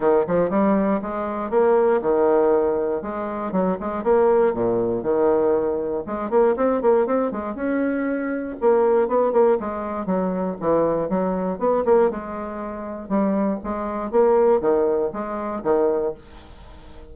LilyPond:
\new Staff \with { instrumentName = "bassoon" } { \time 4/4 \tempo 4 = 119 dis8 f8 g4 gis4 ais4 | dis2 gis4 fis8 gis8 | ais4 ais,4 dis2 | gis8 ais8 c'8 ais8 c'8 gis8 cis'4~ |
cis'4 ais4 b8 ais8 gis4 | fis4 e4 fis4 b8 ais8 | gis2 g4 gis4 | ais4 dis4 gis4 dis4 | }